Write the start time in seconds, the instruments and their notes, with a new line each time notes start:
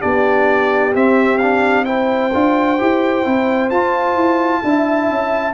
0.00 tuba B3, trombone D4, horn G4, trumpet D5
0.92 trombone C4, tuba C4, trumpet E5
1.38 trombone D4, trumpet F5
1.85 trombone E4, horn C5, trumpet G5
2.33 tuba D4, trombone F4
2.78 tuba E4, trombone G4
3.24 tuba C4, trombone E4
3.70 tuba F4, trombone F4, trumpet A5
4.15 tuba E4
4.63 tuba D4, trombone E4, horn E5
5.09 tuba C#4